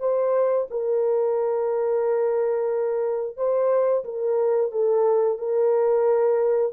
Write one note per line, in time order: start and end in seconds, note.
0.00 0.67 C5
0.70 3.37 A#4
3.37 4.04 C5
4.04 4.72 A#4
4.72 5.39 A4
5.39 6.73 A#4